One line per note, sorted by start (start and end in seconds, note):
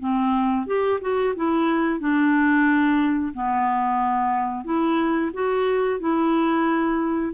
0.00 0.67 C4
0.67 1.00 G4
1.02 1.35 F#4
1.36 2.00 E4
2.00 3.33 D4
3.34 4.65 B3
4.65 5.32 E4
5.34 6.00 F#4
6.00 7.34 E4